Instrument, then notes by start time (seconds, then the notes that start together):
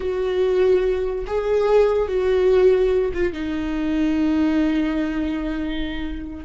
viola
0.00 F#4
1.26 G#4
2.07 F#4
3.13 F4
3.33 D#4